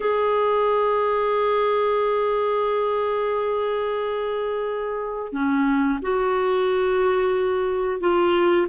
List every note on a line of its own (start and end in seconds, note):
0.00 5.32 G#4
5.32 5.98 C#4
6.02 8.00 F#4
8.00 8.67 F4